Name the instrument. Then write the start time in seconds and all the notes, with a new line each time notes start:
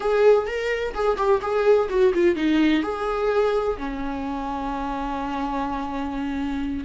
viola
0.00 G#4
0.47 A#4
0.94 G#4
1.17 G4
1.41 G#4
1.89 F#4
2.14 F4
2.35 D#4
2.82 G#4
3.77 C#4